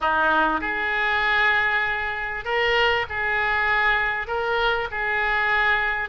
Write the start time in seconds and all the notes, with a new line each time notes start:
0.00 D#4
0.61 G#4
2.44 A#4
3.09 G#4
4.27 A#4
4.91 G#4